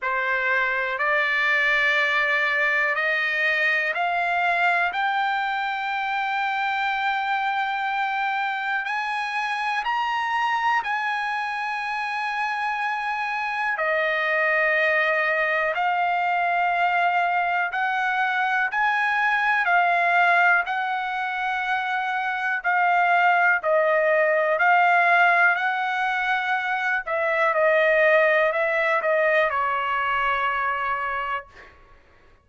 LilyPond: \new Staff \with { instrumentName = "trumpet" } { \time 4/4 \tempo 4 = 61 c''4 d''2 dis''4 | f''4 g''2.~ | g''4 gis''4 ais''4 gis''4~ | gis''2 dis''2 |
f''2 fis''4 gis''4 | f''4 fis''2 f''4 | dis''4 f''4 fis''4. e''8 | dis''4 e''8 dis''8 cis''2 | }